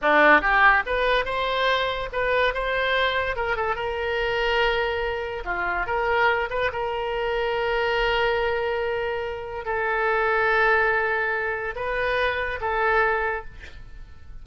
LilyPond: \new Staff \with { instrumentName = "oboe" } { \time 4/4 \tempo 4 = 143 d'4 g'4 b'4 c''4~ | c''4 b'4 c''2 | ais'8 a'8 ais'2.~ | ais'4 f'4 ais'4. b'8 |
ais'1~ | ais'2. a'4~ | a'1 | b'2 a'2 | }